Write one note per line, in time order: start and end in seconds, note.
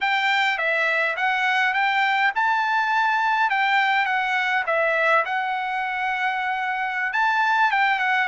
0.01 0.57 G5
0.57 1.16 E5
1.16 1.73 F#5
1.73 2.31 G5
2.35 3.50 A5
3.50 4.05 G5
4.05 4.64 F#5
4.66 5.24 E5
5.25 7.12 F#5
7.12 7.71 A5
7.71 7.99 G5
7.99 8.27 F#5